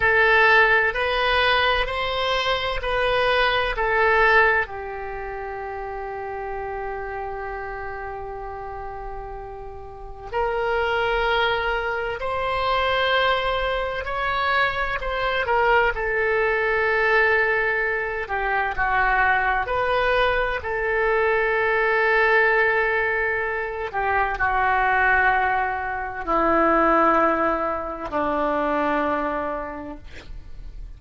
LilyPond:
\new Staff \with { instrumentName = "oboe" } { \time 4/4 \tempo 4 = 64 a'4 b'4 c''4 b'4 | a'4 g'2.~ | g'2. ais'4~ | ais'4 c''2 cis''4 |
c''8 ais'8 a'2~ a'8 g'8 | fis'4 b'4 a'2~ | a'4. g'8 fis'2 | e'2 d'2 | }